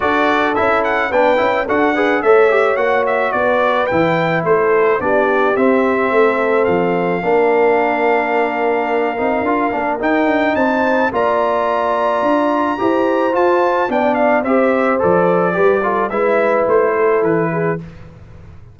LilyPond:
<<
  \new Staff \with { instrumentName = "trumpet" } { \time 4/4 \tempo 4 = 108 d''4 e''8 fis''8 g''4 fis''4 | e''4 fis''8 e''8 d''4 g''4 | c''4 d''4 e''2 | f''1~ |
f''2 g''4 a''4 | ais''1 | a''4 g''8 f''8 e''4 d''4~ | d''4 e''4 c''4 b'4 | }
  \new Staff \with { instrumentName = "horn" } { \time 4/4 a'2 b'4 a'8 b'8 | cis''2 b'2 | a'4 g'2 a'4~ | a'4 ais'2.~ |
ais'2. c''4 | d''2. c''4~ | c''4 d''4 c''2 | b'8 a'8 b'4. a'4 gis'8 | }
  \new Staff \with { instrumentName = "trombone" } { \time 4/4 fis'4 e'4 d'8 e'8 fis'8 gis'8 | a'8 g'8 fis'2 e'4~ | e'4 d'4 c'2~ | c'4 d'2.~ |
d'8 dis'8 f'8 d'8 dis'2 | f'2. g'4 | f'4 d'4 g'4 a'4 | g'8 f'8 e'2. | }
  \new Staff \with { instrumentName = "tuba" } { \time 4/4 d'4 cis'4 b8 cis'8 d'4 | a4 ais4 b4 e4 | a4 b4 c'4 a4 | f4 ais2.~ |
ais8 c'8 d'8 ais8 dis'8 d'8 c'4 | ais2 d'4 e'4 | f'4 b4 c'4 f4 | g4 gis4 a4 e4 | }
>>